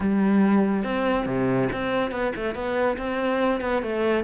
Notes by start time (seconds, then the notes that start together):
0.00 G3
0.83 C4
1.26 C3
1.72 C4
2.11 B3
2.35 A3
2.54 B3
2.97 C4
3.61 B3
3.82 A3